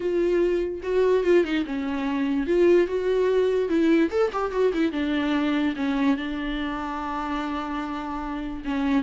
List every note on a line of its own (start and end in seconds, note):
0.00 0.81 F4
0.82 1.23 F#4
1.23 1.44 F4
1.44 1.64 D#4
1.65 2.46 C#4
2.46 2.87 F4
2.87 3.68 F#4
3.68 4.09 E4
4.10 4.31 A4
4.32 4.51 G4
4.51 4.72 F#4
4.73 4.92 E4
4.92 5.74 D4
5.76 6.16 C#4
6.16 8.63 D4
8.64 9.03 C#4